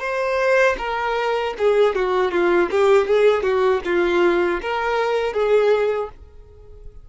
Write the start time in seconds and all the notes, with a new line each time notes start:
0.00 C5
0.78 A#4
1.58 G#4
1.95 F#4
2.31 F4
2.71 G4
3.07 G#4
3.43 F#4
3.85 F4
4.62 A#4
5.33 G#4